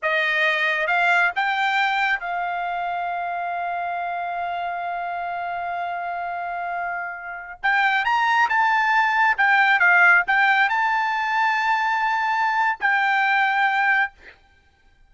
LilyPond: \new Staff \with { instrumentName = "trumpet" } { \time 4/4 \tempo 4 = 136 dis''2 f''4 g''4~ | g''4 f''2.~ | f''1~ | f''1~ |
f''4~ f''16 g''4 ais''4 a''8.~ | a''4~ a''16 g''4 f''4 g''8.~ | g''16 a''2.~ a''8.~ | a''4 g''2. | }